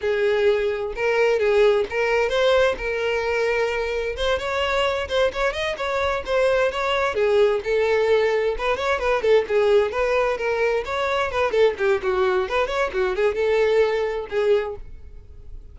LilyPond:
\new Staff \with { instrumentName = "violin" } { \time 4/4 \tempo 4 = 130 gis'2 ais'4 gis'4 | ais'4 c''4 ais'2~ | ais'4 c''8 cis''4. c''8 cis''8 | dis''8 cis''4 c''4 cis''4 gis'8~ |
gis'8 a'2 b'8 cis''8 b'8 | a'8 gis'4 b'4 ais'4 cis''8~ | cis''8 b'8 a'8 g'8 fis'4 b'8 cis''8 | fis'8 gis'8 a'2 gis'4 | }